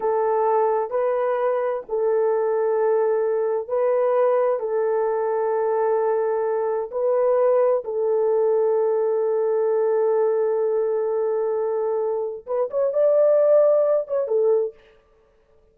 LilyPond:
\new Staff \with { instrumentName = "horn" } { \time 4/4 \tempo 4 = 130 a'2 b'2 | a'1 | b'2 a'2~ | a'2. b'4~ |
b'4 a'2.~ | a'1~ | a'2. b'8 cis''8 | d''2~ d''8 cis''8 a'4 | }